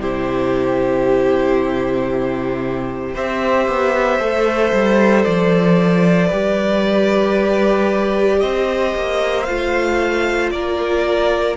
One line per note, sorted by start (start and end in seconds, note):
0.00 3.16 C3
0.00 3.16 E4
0.00 3.14 G4
0.00 3.16 C5
3.14 3.68 C4
3.14 4.21 G4
3.14 6.27 C5
3.14 5.25 E5
3.68 4.20 B3
4.20 4.72 A3
4.20 6.31 A4
4.73 5.26 G3
5.25 6.32 F3
5.25 8.41 D5
6.27 8.43 G3
6.27 9.47 G4
6.27 8.38 B4
8.41 8.95 C4
8.41 10.53 C5
8.41 9.45 D#5
8.96 9.48 A#3
9.45 10.53 A3
9.45 11.57 F4
9.45 10.50 F5
10.51 11.57 A#3
10.51 11.57 A#4
10.51 11.57 D5